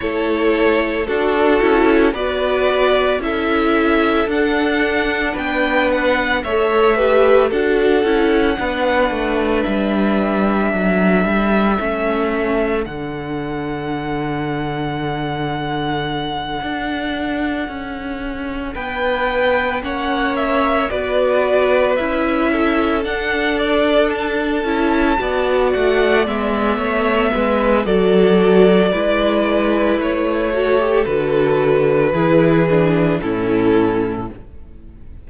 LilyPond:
<<
  \new Staff \with { instrumentName = "violin" } { \time 4/4 \tempo 4 = 56 cis''4 a'4 d''4 e''4 | fis''4 g''8 fis''8 e''4 fis''4~ | fis''4 e''2. | fis''1~ |
fis''4. g''4 fis''8 e''8 d''8~ | d''8 e''4 fis''8 d''8 a''4. | fis''8 e''4. d''2 | cis''4 b'2 a'4 | }
  \new Staff \with { instrumentName = "violin" } { \time 4/4 a'4 fis'4 b'4 a'4~ | a'4 b'4 cis''8 b'8 a'4 | b'2 a'2~ | a'1~ |
a'4. b'4 cis''4 b'8~ | b'4 a'2~ a'8 d''8~ | d''4 cis''8 b'8 a'4 b'4~ | b'8 a'4. gis'4 e'4 | }
  \new Staff \with { instrumentName = "viola" } { \time 4/4 e'4 d'8 e'8 fis'4 e'4 | d'2 a'8 g'8 fis'8 e'8 | d'2. cis'4 | d'1~ |
d'2~ d'8 cis'4 fis'8~ | fis'8 e'4 d'4. e'8 fis'8~ | fis'8 b4. fis'4 e'4~ | e'8 fis'16 g'16 fis'4 e'8 d'8 cis'4 | }
  \new Staff \with { instrumentName = "cello" } { \time 4/4 a4 d'8 cis'8 b4 cis'4 | d'4 b4 a4 d'8 cis'8 | b8 a8 g4 fis8 g8 a4 | d2.~ d8 d'8~ |
d'8 cis'4 b4 ais4 b8~ | b8 cis'4 d'4. cis'8 b8 | a8 gis8 a8 gis8 fis4 gis4 | a4 d4 e4 a,4 | }
>>